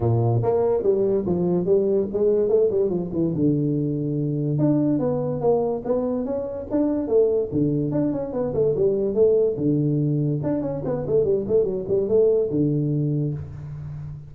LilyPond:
\new Staff \with { instrumentName = "tuba" } { \time 4/4 \tempo 4 = 144 ais,4 ais4 g4 f4 | g4 gis4 a8 g8 f8 e8 | d2. d'4 | b4 ais4 b4 cis'4 |
d'4 a4 d4 d'8 cis'8 | b8 a8 g4 a4 d4~ | d4 d'8 cis'8 b8 a8 g8 a8 | fis8 g8 a4 d2 | }